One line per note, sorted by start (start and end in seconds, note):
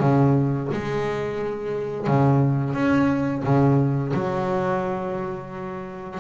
0.00 0.69 C#3
0.73 2.08 G#3
2.08 2.74 C#3
2.74 3.43 C#4
3.44 4.13 C#3
4.14 6.20 F#3